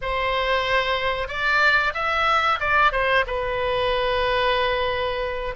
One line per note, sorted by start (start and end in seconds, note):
0.01 1.28 C5
1.28 1.93 D5
1.94 2.59 E5
2.59 2.92 D5
2.92 3.24 C5
3.26 5.55 B4